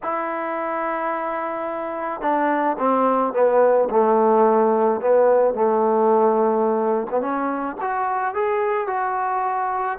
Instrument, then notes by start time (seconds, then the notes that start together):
trombone
0.03 E4
2.21 D4
2.78 C4
3.33 B3
3.90 A3
5.00 B3
5.54 A3
7.10 B3
7.20 C#4
7.81 F#4
8.34 G#4
8.87 F#4